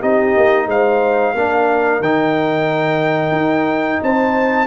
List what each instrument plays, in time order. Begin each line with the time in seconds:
0.00 tuba C4, trombone D#4, horn G4, trumpet D#5
0.37 tuba A#3
0.67 tuba G#3, horn C5, trumpet F5
1.35 tuba A#3, trombone D4, horn A#4
2.01 tuba D#3, trombone D#4, trumpet G5
3.32 tuba D#4
4.03 tuba C4, horn C5, trumpet A5